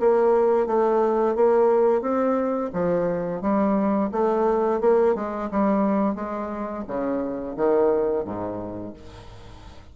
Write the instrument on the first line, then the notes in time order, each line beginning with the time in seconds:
bassoon
0.00 A#3
0.67 A3
1.36 A#3
2.02 C4
2.73 F3
3.42 G3
4.12 A3
4.81 A#3
5.15 G#3
5.51 G3
6.15 G#3
6.88 C#3
7.57 D#3
8.25 G#2